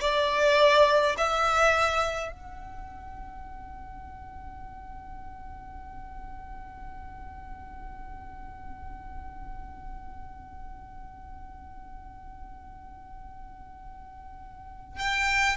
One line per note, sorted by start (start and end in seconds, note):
0.00 1.15 D5
1.17 2.32 E5
2.32 14.98 F#5
14.98 15.56 G5